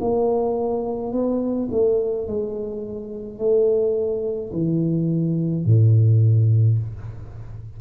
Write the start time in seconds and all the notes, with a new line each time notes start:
0.00 A#3
1.12 B3
1.71 A3
2.27 G#3
3.38 A3
4.52 E3
5.64 A2